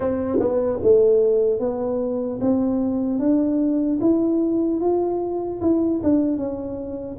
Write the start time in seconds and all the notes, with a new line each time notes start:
0.00 C4
0.39 B3
0.82 A3
1.59 B3
2.40 C4
3.19 D4
4.00 E4
4.80 F4
5.61 E4
6.03 D4
6.37 C#4